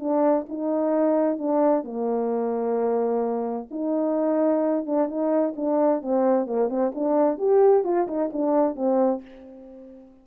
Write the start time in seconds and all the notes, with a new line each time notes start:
0.00 D4
0.49 D#4
1.39 D4
1.84 A#3
3.71 D#4
4.86 D4
5.08 D#4
5.56 D4
6.03 C4
6.47 A#3
6.69 C4
6.95 D4
7.38 G4
7.84 F4
8.08 D#4
8.33 D4
8.76 C4